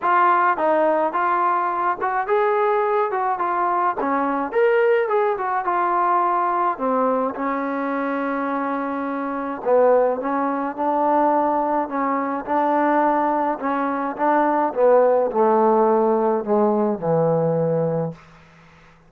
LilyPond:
\new Staff \with { instrumentName = "trombone" } { \time 4/4 \tempo 4 = 106 f'4 dis'4 f'4. fis'8 | gis'4. fis'8 f'4 cis'4 | ais'4 gis'8 fis'8 f'2 | c'4 cis'2.~ |
cis'4 b4 cis'4 d'4~ | d'4 cis'4 d'2 | cis'4 d'4 b4 a4~ | a4 gis4 e2 | }